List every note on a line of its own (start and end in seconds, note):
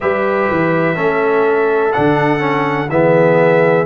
0.00 0.50 G3
0.00 0.95 G4
0.00 0.96 B4
0.00 1.92 E5
0.50 0.97 E3
0.95 1.94 A3
0.95 1.92 C#4
0.95 2.89 A4
1.92 2.89 D3
1.92 2.39 D4
1.92 2.89 F#5
2.39 2.87 C#4
2.89 3.85 E3
2.89 3.85 B3
2.89 3.85 G#4
2.89 3.85 E5